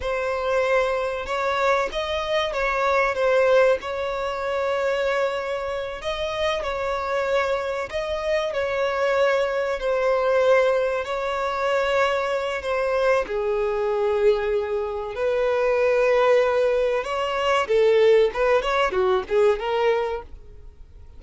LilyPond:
\new Staff \with { instrumentName = "violin" } { \time 4/4 \tempo 4 = 95 c''2 cis''4 dis''4 | cis''4 c''4 cis''2~ | cis''4. dis''4 cis''4.~ | cis''8 dis''4 cis''2 c''8~ |
c''4. cis''2~ cis''8 | c''4 gis'2. | b'2. cis''4 | a'4 b'8 cis''8 fis'8 gis'8 ais'4 | }